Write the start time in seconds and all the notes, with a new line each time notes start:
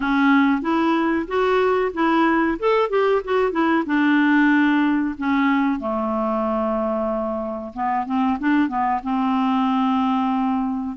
0.00 C#4
0.61 E4
1.27 F#4
1.93 E4
2.59 A4
2.89 G4
3.24 F#4
3.51 E4
3.86 D4
5.18 C#4
5.79 A3
7.73 B3
8.06 C4
8.39 D4
8.68 B3
9.03 C4